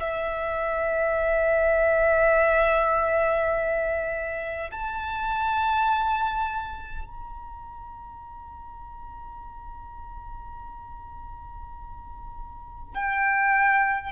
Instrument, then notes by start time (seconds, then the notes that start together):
violin
0.00 E5
4.71 A5
7.06 A#5
12.94 G5